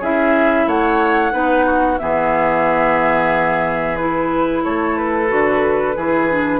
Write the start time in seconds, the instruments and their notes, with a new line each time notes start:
0.00 bassoon C#4, clarinet E4, oboe G#4, flute E5
0.67 bassoon A3, oboe C#5, flute F#5
1.31 bassoon B3, clarinet D#4, oboe B4
1.66 oboe F#4
1.98 bassoon E3, clarinet B3, oboe G#4, flute E5
3.96 clarinet E4, flute B4
4.64 bassoon A3, oboe A4, flute C#5
4.97 flute B4
5.28 bassoon D3, clarinet F#4
5.96 bassoon E3, clarinet E4, oboe G#4
6.30 clarinet D4